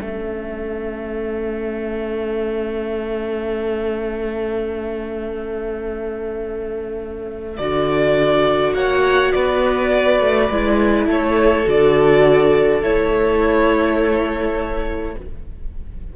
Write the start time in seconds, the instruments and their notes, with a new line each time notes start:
0.00 cello A3, viola C#4, violin A4 E5
7.57 cello D3, viola F#4, violin D5
8.74 cello A#3, violin C#5 F#5
9.32 cello B3, violin B4 D5
10.20 cello A3
10.50 cello G#3, viola E4
11.07 cello A3, violin A4 C#5
11.65 cello D3, viola F#4, violin D5
12.82 cello A3, viola E4, violin C#5